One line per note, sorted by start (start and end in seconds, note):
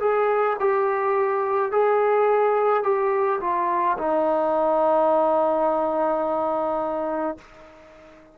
0.00 0.57 G#4
0.59 1.71 G4
1.71 2.83 G#4
2.83 3.40 G4
3.41 3.97 F4
3.98 7.37 D#4